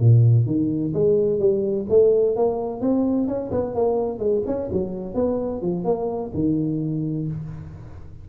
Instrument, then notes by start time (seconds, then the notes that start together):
tuba
0.00 A#2
0.46 D#3
0.94 G#3
1.39 G3
1.90 A3
2.36 A#3
2.81 C4
3.28 C#4
3.51 B3
3.75 A#3
4.19 G#3
4.46 C#4
4.72 F#3
5.15 B3
5.62 F3
5.85 A#3
6.34 D#3